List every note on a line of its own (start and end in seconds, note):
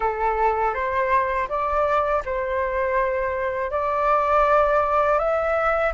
0.00 0.74 A4
0.74 1.48 C5
1.48 2.22 D5
2.25 3.70 C5
3.70 5.18 D5
5.18 5.92 E5